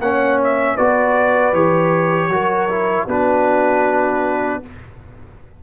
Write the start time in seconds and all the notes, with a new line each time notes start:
0.00 A#3 C#4 C#5 F#5
0.44 E5
0.76 B3 F#4 B4 D5
1.53 E3 G4 C#5
2.29 F#3 F#4 A#4
2.70 E4
3.07 B3 D4 F#4 B4